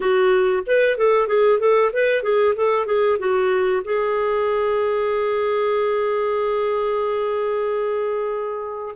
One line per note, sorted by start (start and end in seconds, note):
0.00 0.63 F#4
0.66 0.97 B4
0.97 1.27 A4
1.27 1.59 G#4
1.59 1.91 A4
1.93 2.22 B4
2.22 2.54 G#4
2.55 2.86 A4
2.86 3.17 G#4
3.18 3.82 F#4
3.84 8.95 G#4